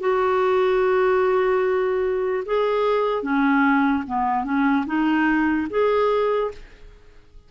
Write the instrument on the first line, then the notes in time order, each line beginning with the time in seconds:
clarinet
0.00 F#4
2.45 G#4
3.22 C#4
4.07 B3
4.44 C#4
4.86 D#4
5.70 G#4